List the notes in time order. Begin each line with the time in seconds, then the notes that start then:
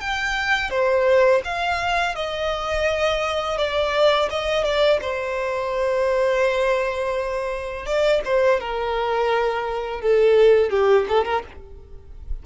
0.00 G5
0.70 C5
1.44 F5
2.15 D#5
3.57 D5
4.30 D#5
4.64 D5
5.01 C5
7.86 D5
8.25 C5
8.60 A#4
10.01 A4
10.70 G4
11.08 A4
11.24 A#4